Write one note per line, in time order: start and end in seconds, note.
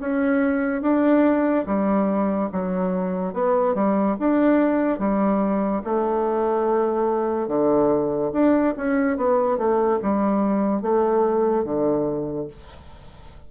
0.00 0.82 C#4
0.82 1.65 D4
1.66 2.49 G3
2.52 3.33 F#3
3.33 3.75 B3
3.75 4.16 G3
4.19 4.99 D4
4.99 5.82 G3
5.84 7.48 A3
7.48 8.31 D3
8.33 8.74 D4
8.77 9.17 C#4
9.17 9.58 B3
9.58 9.99 A3
10.02 10.82 G3
10.82 11.64 A3
11.64 12.47 D3